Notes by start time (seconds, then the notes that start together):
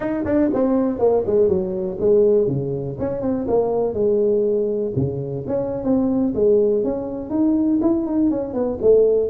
0.00 D#4
0.25 D4
0.53 C4
0.98 A#3
1.26 G#3
1.48 F#3
2.00 G#3
2.47 C#3
2.99 C#4
3.21 C4
3.47 A#3
3.93 G#3
4.95 C#3
5.47 C#4
5.83 C4
6.34 G#3
6.84 C#4
7.30 D#4
7.81 E4
8.06 D#4
8.30 C#4
8.53 B3
8.81 A3